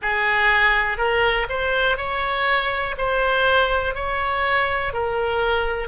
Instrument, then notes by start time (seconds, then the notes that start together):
oboe
0.02 G#4
0.97 A#4
1.49 C5
1.97 C#5
2.97 C5
3.94 C#5
4.93 A#4